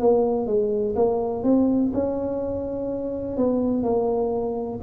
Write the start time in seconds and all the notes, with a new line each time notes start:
0.00 A#3
0.47 G#3
0.95 A#3
1.43 C4
1.94 C#4
3.37 B3
3.83 A#3